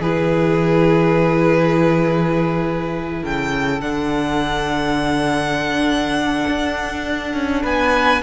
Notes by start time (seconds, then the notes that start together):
0.00 E3 E4 G#4 B4
3.23 C#3 A4 G5
3.81 D3 D4 F#5
6.47 D4
7.34 C#4
7.63 B3 B4 G#5